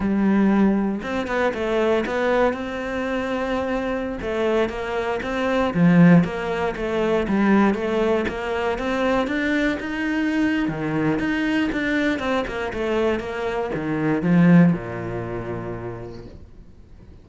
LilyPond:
\new Staff \with { instrumentName = "cello" } { \time 4/4 \tempo 4 = 118 g2 c'8 b8 a4 | b4 c'2.~ | c'16 a4 ais4 c'4 f8.~ | f16 ais4 a4 g4 a8.~ |
a16 ais4 c'4 d'4 dis'8.~ | dis'4 dis4 dis'4 d'4 | c'8 ais8 a4 ais4 dis4 | f4 ais,2. | }